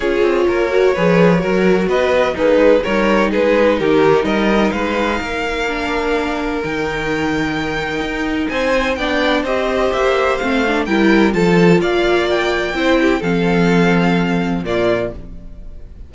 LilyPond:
<<
  \new Staff \with { instrumentName = "violin" } { \time 4/4 \tempo 4 = 127 cis''1 | dis''4 b'4 cis''4 b'4 | ais'4 dis''4 f''2~ | f''2 g''2~ |
g''2 gis''4 g''4 | dis''4 e''4 f''4 g''4 | a''4 f''4 g''2 | f''2. d''4 | }
  \new Staff \with { instrumentName = "violin" } { \time 4/4 gis'4 ais'4 b'4 ais'4 | b'4 dis'4 ais'4 gis'4 | g'4 ais'4 b'4 ais'4~ | ais'1~ |
ais'2 c''4 d''4 | c''2. ais'4 | a'4 d''2 c''8 g'8 | a'2. f'4 | }
  \new Staff \with { instrumentName = "viola" } { \time 4/4 f'4. fis'8 gis'4 fis'4~ | fis'4 gis'4 dis'2~ | dis'1 | d'2 dis'2~ |
dis'2. d'4 | g'2 c'8 d'8 e'4 | f'2. e'4 | c'2. ais4 | }
  \new Staff \with { instrumentName = "cello" } { \time 4/4 cis'8 c'8 ais4 f4 fis4 | b4 ais8 gis8 g4 gis4 | dis4 g4 gis4 ais4~ | ais2 dis2~ |
dis4 dis'4 c'4 b4 | c'4 ais4 a4 g4 | f4 ais2 c'4 | f2. ais,4 | }
>>